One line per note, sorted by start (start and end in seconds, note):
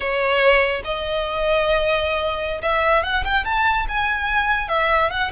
0.00 0.81 C#5
0.84 2.61 D#5
2.62 3.03 E5
3.03 3.24 F#5
3.24 3.44 G5
3.44 3.86 A5
3.88 4.68 G#5
4.68 5.10 E5
5.10 5.31 F#5